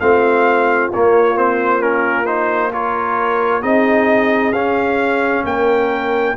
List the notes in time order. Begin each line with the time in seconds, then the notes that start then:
0.00 A3 C4 F4 F5
0.93 A#3 C#5
1.36 C4 C5
1.80 C#4 A#4
2.26 D#4 C5
2.72 F4 A#4 C#5
3.62 C4 D#4 G#4 D#5
4.52 C#4 F5
5.44 A#3 A#4 G5